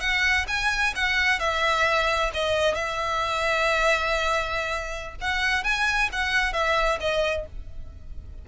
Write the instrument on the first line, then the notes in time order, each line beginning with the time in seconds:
violin
0.00 F#5
0.48 G#5
0.95 F#5
1.39 E5
2.33 D#5
2.74 E5
5.20 F#5
5.64 G#5
6.12 F#5
6.53 E5
7.00 D#5